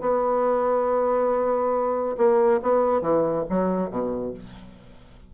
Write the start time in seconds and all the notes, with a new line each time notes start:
0.00 B3
2.17 A#3
2.62 B3
3.01 E3
3.49 F#3
3.90 B2